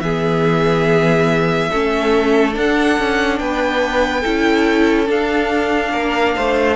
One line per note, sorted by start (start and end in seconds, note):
0.00 1.70 E3
0.00 1.72 B3
0.00 1.71 G#4
0.00 2.54 E5
1.71 2.57 A3
1.71 2.52 C#4
1.71 3.40 A4
2.52 4.21 D4
2.52 2.99 D4
2.52 3.39 F#5
2.99 3.40 C#4
3.39 4.25 B3
3.39 4.21 B4
3.39 5.08 G5
4.21 5.10 C#4
4.21 5.07 E4
4.21 5.90 A4
5.07 6.76 D4
5.07 5.94 D4
5.07 6.76 F5
5.93 6.36 A#3
5.93 6.35 A#4
6.35 6.76 A3
6.35 6.76 C5